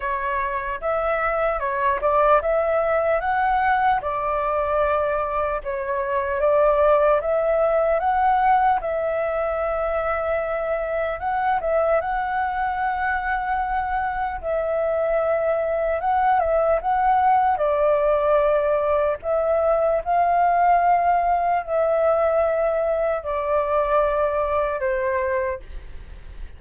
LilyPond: \new Staff \with { instrumentName = "flute" } { \time 4/4 \tempo 4 = 75 cis''4 e''4 cis''8 d''8 e''4 | fis''4 d''2 cis''4 | d''4 e''4 fis''4 e''4~ | e''2 fis''8 e''8 fis''4~ |
fis''2 e''2 | fis''8 e''8 fis''4 d''2 | e''4 f''2 e''4~ | e''4 d''2 c''4 | }